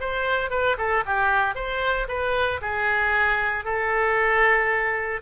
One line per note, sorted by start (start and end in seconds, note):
0.00 0.50 C5
0.50 0.76 B4
0.78 1.04 A4
1.06 1.55 G4
1.55 2.07 C5
2.08 2.60 B4
2.61 3.65 G#4
3.65 5.21 A4